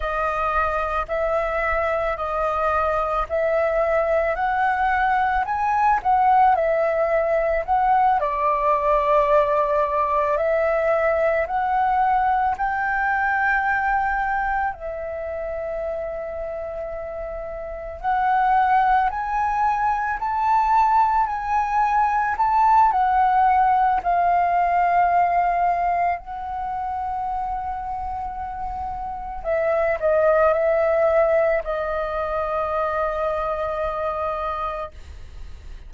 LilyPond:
\new Staff \with { instrumentName = "flute" } { \time 4/4 \tempo 4 = 55 dis''4 e''4 dis''4 e''4 | fis''4 gis''8 fis''8 e''4 fis''8 d''8~ | d''4. e''4 fis''4 g''8~ | g''4. e''2~ e''8~ |
e''8 fis''4 gis''4 a''4 gis''8~ | gis''8 a''8 fis''4 f''2 | fis''2. e''8 dis''8 | e''4 dis''2. | }